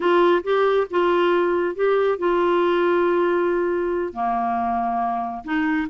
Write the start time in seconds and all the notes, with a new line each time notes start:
0.00 F4
0.43 G4
0.90 F4
1.75 G4
2.18 F4
4.13 A#3
5.44 D#4